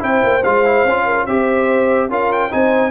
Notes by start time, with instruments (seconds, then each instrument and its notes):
0.00 tuba C4, trombone E4, horn C5, trumpet G5
0.24 tuba A#3
0.44 tuba G#3, trombone F4, trumpet F5
0.66 trombone E4
0.85 tuba C#4, trombone F4
1.06 horn A#4
1.27 tuba C4, trombone G4, horn C5, trumpet E5
2.10 tuba C#4, trombone F4, horn A#4, trumpet F5
2.33 trumpet G5
2.51 tuba C4, trombone D#4, horn C5, trumpet G#5